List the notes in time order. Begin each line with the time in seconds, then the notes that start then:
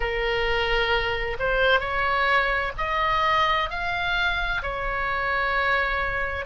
0.00 A#4
1.39 C5
1.80 C#5
2.77 D#5
3.69 F5
4.62 C#5